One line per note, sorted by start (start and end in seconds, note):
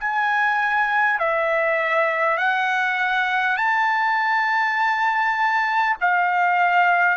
0.00 1.19 G#5
1.19 2.37 E5
2.37 3.57 F#5
3.57 5.97 A5
6.01 7.17 F5